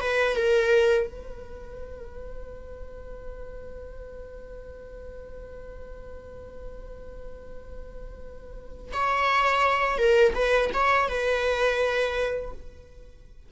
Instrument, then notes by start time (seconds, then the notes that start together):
viola
0.00 B4
0.35 A#4
1.06 B4
8.93 C#5
9.98 A#4
10.34 B4
10.73 C#5
11.08 B4